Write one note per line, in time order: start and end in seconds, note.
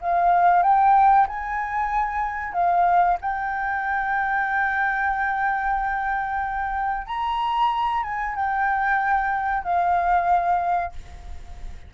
0.00 0.62 F5
0.62 1.27 G5
1.27 2.52 G#5
2.52 3.17 F5
3.21 7.06 G5
7.06 8.03 A#5
8.03 8.35 G#5
8.35 9.63 G5
9.63 10.92 F5